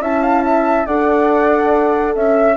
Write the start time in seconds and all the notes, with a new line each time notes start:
0.00 C#4 E4 E5 A5
0.22 F5
0.44 E5
0.86 D4 A4 D5 F#5
2.15 C#4 E5